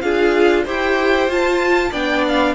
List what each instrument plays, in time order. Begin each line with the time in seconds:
0.00 cello D4, viola F4, violin G#4 F5
0.64 cello E4, viola G4, violin C5 G5
1.28 cello F4, viola F4, violin A5
1.90 cello B3, viola D4, violin D5 G5
2.28 violin F5